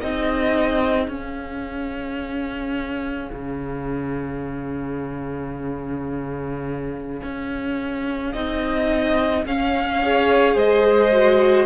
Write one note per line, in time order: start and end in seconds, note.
0.00 1.08 C4
0.00 1.10 D#4
0.00 10.00 G#4
0.00 1.11 D#5
1.08 3.31 C#4
1.08 8.32 C#4
1.08 8.33 F5
3.33 7.22 C#3
7.23 8.34 C#4
8.33 9.46 C4
8.33 9.45 D#4
8.33 9.44 D#5
9.46 10.56 C#4
9.46 10.03 C#4
9.46 10.59 F5
10.02 11.12 G#4
10.02 10.56 C#5
10.56 11.67 G#3
10.56 11.67 C5
10.56 11.67 D#5
11.12 11.67 F#4